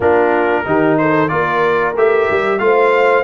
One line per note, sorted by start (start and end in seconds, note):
0.00 0.65 A#3
0.00 0.65 D4
0.00 0.65 F4
0.00 0.97 A#4
0.65 1.31 D#3
0.65 1.28 D#4
0.65 0.99 G4
0.97 1.31 A4
0.97 1.28 C5
1.28 1.95 A#3
1.28 1.94 F4
1.28 2.61 A#4
1.28 1.93 D5
1.95 2.27 A3
1.95 2.59 G4
1.95 2.59 E5
2.30 2.59 G3
2.59 3.24 A3
2.59 3.24 F4
2.59 3.24 C5
2.59 3.24 F5